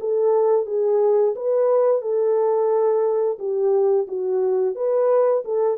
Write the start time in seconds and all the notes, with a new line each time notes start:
0.00 A4
0.66 G#4
1.35 B4
2.02 A4
3.38 G4
4.08 F#4
4.75 B4
5.45 A4